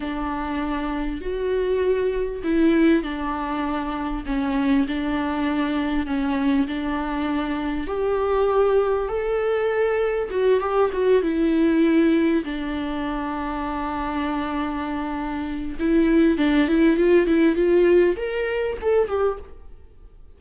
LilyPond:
\new Staff \with { instrumentName = "viola" } { \time 4/4 \tempo 4 = 99 d'2 fis'2 | e'4 d'2 cis'4 | d'2 cis'4 d'4~ | d'4 g'2 a'4~ |
a'4 fis'8 g'8 fis'8 e'4.~ | e'8 d'2.~ d'8~ | d'2 e'4 d'8 e'8 | f'8 e'8 f'4 ais'4 a'8 g'8 | }